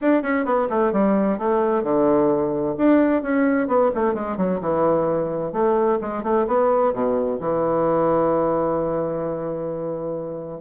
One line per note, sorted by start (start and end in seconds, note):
0.01 0.22 D4
0.22 0.45 C#4
0.45 0.68 B3
0.69 0.92 A3
0.92 1.38 G3
1.38 1.83 A3
1.83 2.75 D3
2.77 3.22 D4
3.22 3.67 C#4
3.67 3.90 B3
3.94 4.13 A3
4.13 4.37 G#3
4.37 4.60 F#3
4.60 5.52 E3
5.52 5.98 A3
6.01 6.23 G#3
6.23 6.46 A3
6.47 6.93 B3
6.93 7.39 B2
7.40 10.60 E3